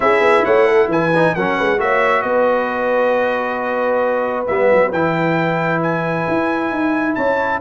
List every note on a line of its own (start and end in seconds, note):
0.00 0.20 C#4
0.00 1.12 E4
0.00 0.44 G#4
0.00 0.44 E5
0.20 0.42 B3
0.44 0.87 A3
0.44 0.66 C#5
0.44 0.89 F#5
0.66 0.88 A4
0.87 1.32 E3
0.87 1.35 B4
0.87 1.34 G#5
1.14 1.37 D#4
1.34 1.58 F#3
1.34 1.78 C#4
1.34 1.56 A#4
1.34 1.79 F#5
1.56 1.79 G#3
1.56 1.79 B4
1.78 2.23 A#3
1.78 4.46 F#4
1.78 2.23 C#5
1.78 2.21 E5
2.21 4.47 B3
2.21 7.15 B4
2.21 4.45 D#5
4.46 4.71 G3
4.46 4.93 B3
4.46 4.91 E5
4.72 4.92 F#3
4.92 6.26 E3
4.92 7.60 E4
4.92 5.82 G5
5.82 7.15 G#5
6.27 6.71 E4
6.71 7.16 D#4
7.15 7.60 C#4
7.15 7.60 C#5
7.15 7.59 A5